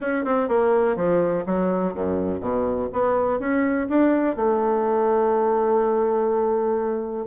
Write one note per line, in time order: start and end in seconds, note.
0.00 0.24 C#4
0.24 0.48 C4
0.48 0.96 A#3
0.96 1.44 F3
1.46 1.94 F#3
1.94 2.40 F#2
2.40 2.89 B2
2.92 3.39 B3
3.39 3.87 C#4
3.89 4.35 D4
4.35 7.26 A3